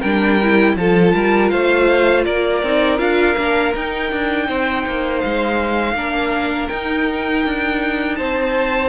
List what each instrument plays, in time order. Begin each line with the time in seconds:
0.00 cello G3, viola D4, violin A#4 G5
0.43 viola E4
0.76 cello F3, viola F4, violin A4 A5
1.15 cello G3, violin A#4
1.50 cello A3, violin C5 F5
2.25 cello A#3, violin A#4 D5
2.63 cello C4, viola D#4
2.98 cello D4, viola F4, violin F5
3.37 cello A#3, viola D4
3.75 cello D#4, viola D#4, violin G5
4.12 cello D4
4.47 cello C4, violin C5
4.87 cello A#3
5.21 cello G#3, violin F5
5.94 cello A#3, viola D4, violin A#4
6.68 viola D#4, cello D#4, violin G5
7.46 cello D4
8.16 cello C4, violin C5 A5